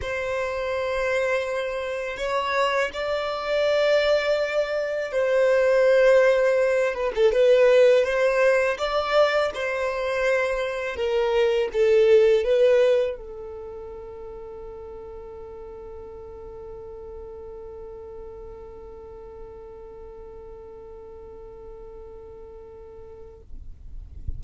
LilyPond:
\new Staff \with { instrumentName = "violin" } { \time 4/4 \tempo 4 = 82 c''2. cis''4 | d''2. c''4~ | c''4. b'16 a'16 b'4 c''4 | d''4 c''2 ais'4 |
a'4 b'4 a'2~ | a'1~ | a'1~ | a'1 | }